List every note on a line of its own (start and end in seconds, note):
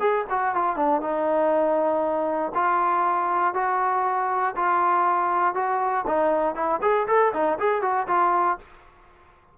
0.00 0.25 G#4
0.30 0.55 F#4
0.55 0.77 F4
0.77 1.01 D4
1.01 2.53 D#4
2.55 3.55 F4
3.55 4.55 F#4
4.56 5.55 F4
5.55 6.05 F#4
6.07 6.55 D#4
6.55 6.80 E4
6.82 7.07 G#4
7.08 7.33 A4
7.34 7.59 D#4
7.60 7.82 G#4
7.82 8.07 F#4
8.08 8.58 F4